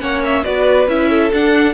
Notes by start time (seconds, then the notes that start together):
0.00 A#3 C#4 C#5 F#5
0.24 E5
0.43 B3 F#4 B4 D5
0.87 C#4 E4 E5
1.09 A4
1.32 D4 F#5